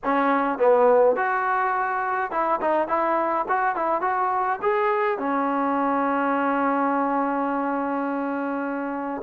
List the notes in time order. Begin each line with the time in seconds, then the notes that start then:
0.03 C#4
0.58 B3
1.15 F#4
2.31 E4
2.61 D#4
2.88 E4
3.48 F#4
3.75 E4
4.01 F#4
4.62 G#4
5.18 C#4